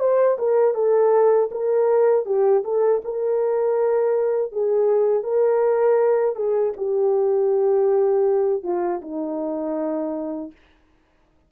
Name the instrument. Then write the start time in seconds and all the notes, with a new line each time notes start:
horn
0.00 C5
0.39 A#4
0.75 A4
1.51 A#4
2.26 G4
2.65 A4
3.05 A#4
4.52 G#4
5.23 A#4
6.36 G#4
6.77 G4
8.64 F4
9.02 D#4